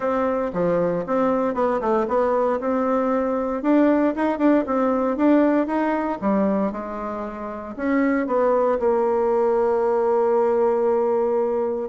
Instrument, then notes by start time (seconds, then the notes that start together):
bassoon
0.00 C4
0.53 F3
1.06 C4
1.54 B3
1.80 A3
2.08 B3
2.60 C4
3.62 D4
4.15 D#4
4.38 D4
4.66 C4
5.16 D4
5.66 D#4
6.21 G3
6.71 G#3
7.76 C#4
8.26 B3
8.79 A#3